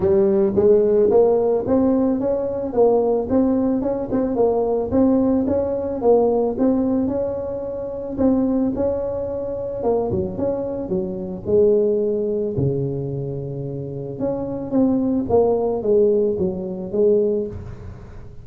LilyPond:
\new Staff \with { instrumentName = "tuba" } { \time 4/4 \tempo 4 = 110 g4 gis4 ais4 c'4 | cis'4 ais4 c'4 cis'8 c'8 | ais4 c'4 cis'4 ais4 | c'4 cis'2 c'4 |
cis'2 ais8 fis8 cis'4 | fis4 gis2 cis4~ | cis2 cis'4 c'4 | ais4 gis4 fis4 gis4 | }